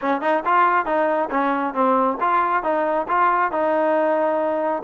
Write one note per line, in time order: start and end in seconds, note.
0.01 0.21 C#4
0.21 0.43 D#4
0.45 0.85 F4
0.85 1.29 D#4
1.30 1.74 C#4
1.74 2.17 C4
2.20 2.63 F4
2.63 3.07 D#4
3.08 3.51 F4
3.51 4.83 D#4